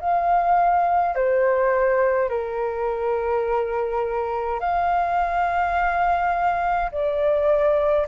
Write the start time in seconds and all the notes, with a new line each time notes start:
0.00 F5
1.15 C5
2.29 A#4
4.60 F5
6.92 D5